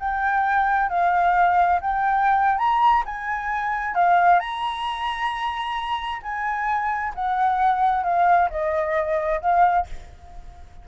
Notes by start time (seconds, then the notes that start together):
0.00 G5
0.89 F5
1.81 G5
2.58 A#5
3.06 G#5
3.95 F5
4.40 A#5
6.23 G#5
7.15 F#5
8.04 F5
8.50 D#5
9.42 F5